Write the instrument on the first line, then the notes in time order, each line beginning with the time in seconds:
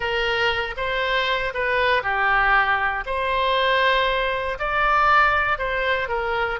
oboe
0.00 A#4
0.76 C5
1.54 B4
2.02 G4
3.06 C5
4.59 D5
5.58 C5
6.08 A#4